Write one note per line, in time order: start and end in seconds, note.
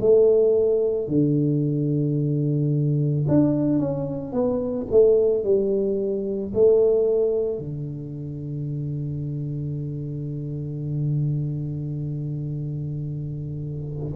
0.00 1.08 A3
1.08 3.26 D3
3.28 3.78 D4
3.78 4.32 C#4
4.32 4.86 B3
4.91 5.43 A3
5.43 6.52 G3
6.54 7.58 A3
7.58 14.13 D3